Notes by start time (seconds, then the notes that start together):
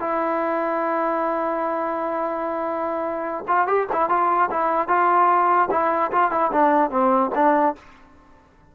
0.00 E4
3.48 F4
3.67 G4
3.93 E4
4.09 F4
4.51 E4
4.88 F4
5.71 E4
6.12 F4
6.31 E4
6.52 D4
6.91 C4
7.35 D4